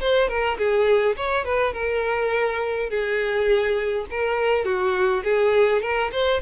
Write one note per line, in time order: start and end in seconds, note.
0.00 0.28 C5
0.28 0.57 A#4
0.58 1.16 G#4
1.16 1.45 C#5
1.45 1.73 B4
1.73 2.89 A#4
2.89 4.06 G#4
4.10 4.65 A#4
4.65 5.23 F#4
5.24 5.81 G#4
5.81 6.11 A#4
6.12 6.41 C5